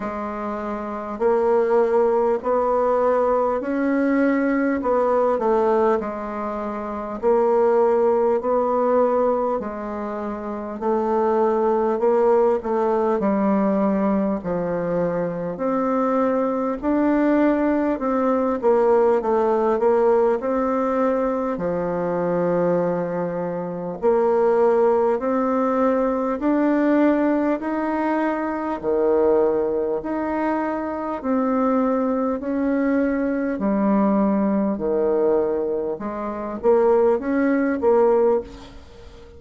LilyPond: \new Staff \with { instrumentName = "bassoon" } { \time 4/4 \tempo 4 = 50 gis4 ais4 b4 cis'4 | b8 a8 gis4 ais4 b4 | gis4 a4 ais8 a8 g4 | f4 c'4 d'4 c'8 ais8 |
a8 ais8 c'4 f2 | ais4 c'4 d'4 dis'4 | dis4 dis'4 c'4 cis'4 | g4 dis4 gis8 ais8 cis'8 ais8 | }